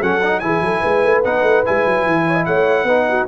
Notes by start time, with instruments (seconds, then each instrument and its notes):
0.00 tuba F#3, trombone C#4, horn A4, trumpet F#5
0.23 trombone D#4
0.39 tuba E3, trombone E4, horn G#4, trumpet G#5
0.61 tuba F#3, horn A4
0.80 tuba G#3, horn B4
1.03 tuba A3
1.24 tuba B3, trombone D#4, trumpet F#5
1.42 tuba A3
1.65 tuba G#3, trombone E4, trumpet G#5
1.85 tuba F#3
2.06 tuba E3
2.26 horn C#5
2.34 horn D#5
2.45 tuba A3, horn C#5, trumpet F#5
2.84 tuba B3, trombone D#4, horn B4
3.09 horn F#4